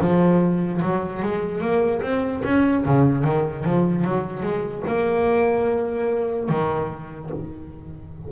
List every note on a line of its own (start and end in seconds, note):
0.00 0.81 F3
0.81 1.22 F#3
1.22 1.61 G#3
1.61 2.01 A#3
2.02 2.42 C4
2.44 2.85 C#4
2.85 3.24 C#3
3.24 3.64 D#3
3.64 4.04 F3
4.04 4.42 F#3
4.42 4.83 G#3
4.87 6.49 A#3
6.49 7.30 D#3